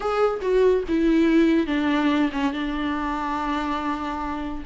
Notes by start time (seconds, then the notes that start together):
0.00 G#4
0.41 F#4
0.88 E4
1.67 D4
2.31 C#4
2.52 D4